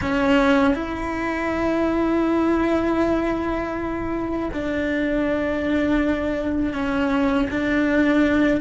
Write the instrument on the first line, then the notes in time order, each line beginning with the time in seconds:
cello
0.01 C#4
0.74 E4
4.53 D4
6.73 C#4
7.50 D4